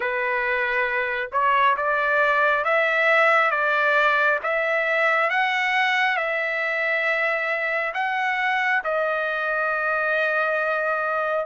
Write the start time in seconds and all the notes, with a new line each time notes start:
0.00 B4
1.32 C#5
1.76 D5
2.64 E5
3.51 D5
4.43 E5
5.30 F#5
6.16 E5
7.94 F#5
8.84 D#5